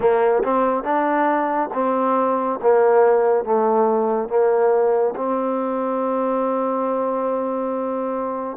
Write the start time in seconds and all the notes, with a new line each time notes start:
0.00 A#3
0.43 C4
0.83 D4
1.73 C4
2.61 A#3
3.44 A3
4.28 A#3
5.15 C4